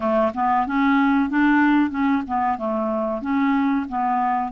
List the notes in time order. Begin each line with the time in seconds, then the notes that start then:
0.00 A3
0.34 B3
0.66 C#4
1.29 D4
1.90 C#4
2.27 B3
2.57 A3
3.21 C#4
3.88 B3